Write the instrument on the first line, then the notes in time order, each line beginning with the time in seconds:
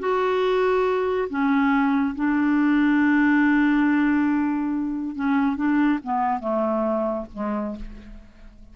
clarinet
0.00 F#4
1.30 C#4
2.16 D4
5.16 C#4
5.57 D4
6.04 B3
6.41 A3
7.34 G#3